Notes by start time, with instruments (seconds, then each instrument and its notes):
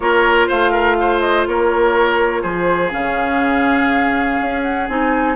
0.00 bassoon A#3, clarinet F4, oboe A#4, flute C#5
0.47 bassoon A3, oboe C5, flute F5
0.71 oboe A#4
0.99 oboe C5
1.20 flute D#5
1.47 bassoon A#3, oboe A#4, flute C#5
2.42 bassoon F3, oboe G#4, flute C5
2.90 bassoon C#3, clarinet C#4, flute F5
4.41 bassoon C#4
4.62 flute F#5
4.88 bassoon C4, clarinet D#4, flute G#5